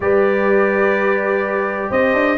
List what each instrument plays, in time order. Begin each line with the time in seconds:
0.00 tuba G3, trombone G4, horn B4, trumpet D5
1.90 tuba C4, horn C5, trumpet D#5
2.13 tuba D4